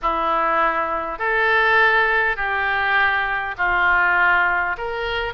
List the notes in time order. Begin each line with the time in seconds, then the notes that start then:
0.01 E4
1.19 A4
2.36 G4
3.57 F4
4.77 A#4